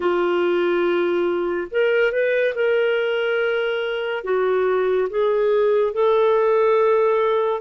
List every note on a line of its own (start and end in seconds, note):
0.00 1.67 F4
1.70 2.11 A#4
2.11 2.54 B4
2.55 4.23 A#4
4.23 5.08 F#4
5.09 5.93 G#4
5.93 7.61 A4